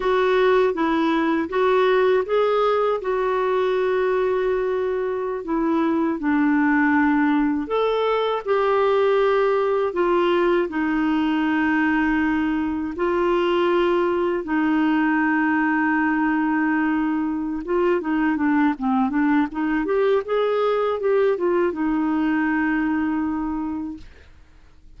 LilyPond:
\new Staff \with { instrumentName = "clarinet" } { \time 4/4 \tempo 4 = 80 fis'4 e'4 fis'4 gis'4 | fis'2.~ fis'16 e'8.~ | e'16 d'2 a'4 g'8.~ | g'4~ g'16 f'4 dis'4.~ dis'16~ |
dis'4~ dis'16 f'2 dis'8.~ | dis'2.~ dis'8 f'8 | dis'8 d'8 c'8 d'8 dis'8 g'8 gis'4 | g'8 f'8 dis'2. | }